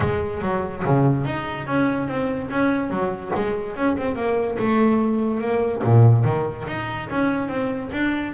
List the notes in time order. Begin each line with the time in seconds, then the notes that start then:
0.00 G#3
0.41 F#3
0.84 C#3
1.25 D#4
1.66 C#4
2.08 C4
2.50 C#4
2.90 F#3
3.34 G#3
3.75 C#4
3.97 C4
4.15 A#3
4.58 A3
5.40 A#3
5.83 A#2
6.24 D#3
6.67 D#4
7.09 C#4
7.48 C4
7.92 D4